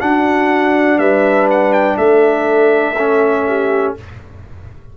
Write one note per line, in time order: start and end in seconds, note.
0.00 2.95 D4
0.00 0.98 D4
0.00 0.99 F#4
0.00 0.99 F#5
0.98 1.97 G3
0.98 1.97 B4
0.98 1.48 E5
1.51 1.73 F#5
1.73 1.97 G5
1.98 3.95 A3
1.98 3.46 A4
1.98 3.94 E5
2.99 3.98 C#4
3.47 3.97 G4